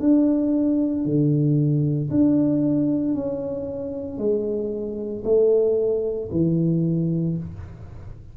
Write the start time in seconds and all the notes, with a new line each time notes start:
0.00 D4
1.05 D3
2.11 D4
3.14 C#4
4.18 G#3
5.24 A3
6.32 E3